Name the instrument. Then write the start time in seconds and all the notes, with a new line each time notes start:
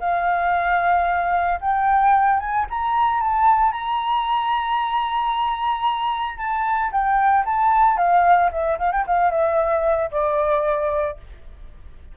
flute
0.00 F5
1.61 G5
2.40 G#5
2.70 A#5
3.21 A5
3.72 A#5
6.38 A5
6.92 G5
7.46 A5
7.98 F5
8.52 E5
8.79 F5
8.92 G5
9.07 F5
9.31 E5
10.12 D5